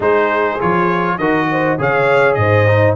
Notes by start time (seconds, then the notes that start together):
0.00 G#3 D#4 G#4 C5
0.60 F3 F4 C#5
1.18 D#3 F#4 A#4 D#5
1.51 C5
1.78 C#3 G#4 C#5 F5
2.34 G#2 C5 D#5
2.67 D#4